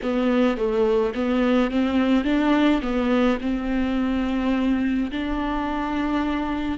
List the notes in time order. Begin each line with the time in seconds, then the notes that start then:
0.02 B3
0.57 A3
1.14 B3
1.70 C4
2.24 D4
2.81 B3
3.41 C4
5.10 D4